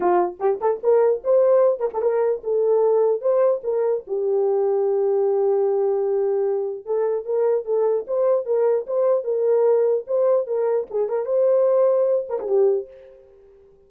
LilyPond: \new Staff \with { instrumentName = "horn" } { \time 4/4 \tempo 4 = 149 f'4 g'8 a'8 ais'4 c''4~ | c''8 ais'16 a'16 ais'4 a'2 | c''4 ais'4 g'2~ | g'1~ |
g'4 a'4 ais'4 a'4 | c''4 ais'4 c''4 ais'4~ | ais'4 c''4 ais'4 gis'8 ais'8 | c''2~ c''8 ais'16 gis'16 g'4 | }